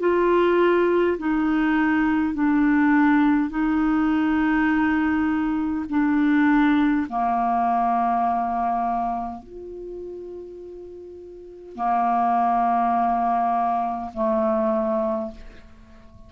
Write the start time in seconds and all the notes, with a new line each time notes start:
0.00 F4
1.19 D#4
2.35 D4
3.50 D#4
5.90 D4
7.10 A#3
9.43 F4
11.76 A#3
14.14 A3